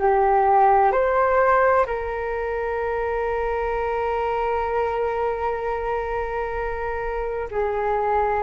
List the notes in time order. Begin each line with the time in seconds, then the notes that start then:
0.00 G4
0.92 C5
1.87 A#4
7.52 G#4